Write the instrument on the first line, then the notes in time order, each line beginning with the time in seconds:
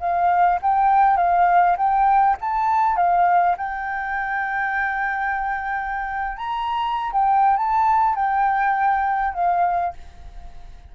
flute
0.00 F5
0.62 G5
1.17 F5
1.77 G5
2.41 A5
2.97 F5
3.57 G5
6.38 A#5
7.12 G5
7.57 A5
8.15 G5
9.34 F5